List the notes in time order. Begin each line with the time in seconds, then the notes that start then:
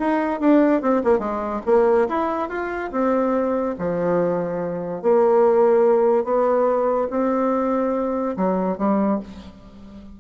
0.00 D#4
0.41 D4
0.82 C4
1.04 A#3
1.20 G#3
1.66 A#3
2.09 E4
2.49 F4
2.92 C4
3.79 F3
5.03 A#3
6.25 B3
7.11 C4
8.37 F#3
8.78 G3